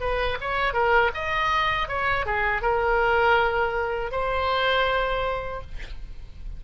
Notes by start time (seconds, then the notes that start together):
0.00 B4
0.40 C#5
0.73 A#4
1.14 D#5
1.88 C#5
2.26 G#4
2.61 A#4
4.11 C5